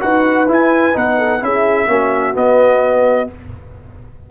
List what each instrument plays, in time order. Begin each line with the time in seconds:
0.00 tuba D#4, trombone F#4, horn B4, trumpet F#5
0.48 trombone E4, tuba E4, trumpet G#5
0.93 tuba B3, trombone D#4, trumpet F#5
1.18 horn A4
1.40 tuba C#4, trombone E4, horn G#4, trumpet E5
1.88 tuba A#3, trombone C#4, horn F#4
2.34 trombone B3, tuba B3, trumpet D#5